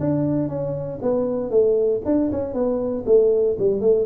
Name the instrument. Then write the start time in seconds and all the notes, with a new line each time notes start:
tuba
0.00 D4
0.48 C#4
1.02 B3
1.50 A3
2.05 D4
2.31 C#4
2.54 B3
3.06 A3
3.59 G3
3.81 A3